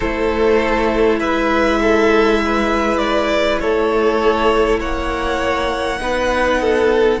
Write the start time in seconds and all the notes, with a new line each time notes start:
0.00 A3 E4 A4 C5
1.19 G#3 B4 E5
1.81 A4
2.45 B4
2.98 D5
3.60 A3 A4 C#5
4.79 A#3 C#5 F#5
5.98 B3 D#4 B4
6.61 A4